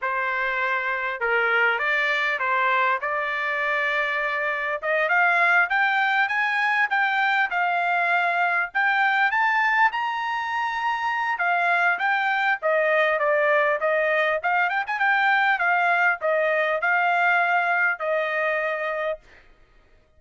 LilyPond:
\new Staff \with { instrumentName = "trumpet" } { \time 4/4 \tempo 4 = 100 c''2 ais'4 d''4 | c''4 d''2. | dis''8 f''4 g''4 gis''4 g''8~ | g''8 f''2 g''4 a''8~ |
a''8 ais''2~ ais''8 f''4 | g''4 dis''4 d''4 dis''4 | f''8 g''16 gis''16 g''4 f''4 dis''4 | f''2 dis''2 | }